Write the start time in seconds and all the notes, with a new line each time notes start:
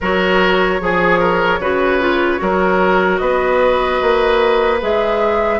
0.01 F#3 F#4 A#4 C#5
0.80 F3 G#4
1.19 A#4
1.59 C#3 F#4 B4
2.00 F4
2.37 F#3 F#4 A#4
3.17 B3 B4 D#5
4.01 A#3
4.81 G#3 G#4 E5